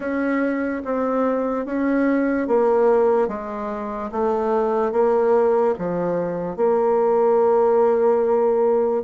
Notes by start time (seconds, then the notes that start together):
0.00 C#4
0.84 C4
1.65 C#4
2.47 A#3
3.28 G#3
4.11 A3
4.92 A#3
5.78 F3
6.56 A#3